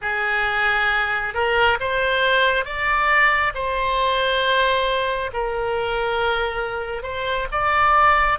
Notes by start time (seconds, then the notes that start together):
0.01 G#4
1.34 A#4
1.79 C5
2.64 D5
3.54 C5
5.33 A#4
7.03 C5
7.51 D5